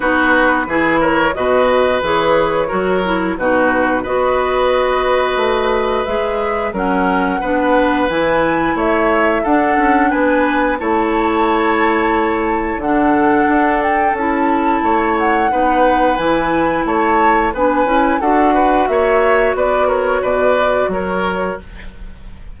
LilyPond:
<<
  \new Staff \with { instrumentName = "flute" } { \time 4/4 \tempo 4 = 89 b'4. cis''8 dis''4 cis''4~ | cis''4 b'4 dis''2~ | dis''4 e''4 fis''2 | gis''4 e''4 fis''4 gis''4 |
a''2. fis''4~ | fis''8 g''8 a''4. fis''4. | gis''4 a''4 gis''4 fis''4 | e''4 d''8 cis''8 d''4 cis''4 | }
  \new Staff \with { instrumentName = "oboe" } { \time 4/4 fis'4 gis'8 ais'8 b'2 | ais'4 fis'4 b'2~ | b'2 ais'4 b'4~ | b'4 cis''4 a'4 b'4 |
cis''2. a'4~ | a'2 cis''4 b'4~ | b'4 cis''4 b'4 a'8 b'8 | cis''4 b'8 ais'8 b'4 ais'4 | }
  \new Staff \with { instrumentName = "clarinet" } { \time 4/4 dis'4 e'4 fis'4 gis'4 | fis'8 e'8 dis'4 fis'2~ | fis'4 gis'4 cis'4 d'4 | e'2 d'2 |
e'2. d'4~ | d'4 e'2 dis'4 | e'2 d'8 e'8 fis'4~ | fis'1 | }
  \new Staff \with { instrumentName = "bassoon" } { \time 4/4 b4 e4 b,4 e4 | fis4 b,4 b2 | a4 gis4 fis4 b4 | e4 a4 d'8 cis'8 b4 |
a2. d4 | d'4 cis'4 a4 b4 | e4 a4 b8 cis'8 d'4 | ais4 b4 b,4 fis4 | }
>>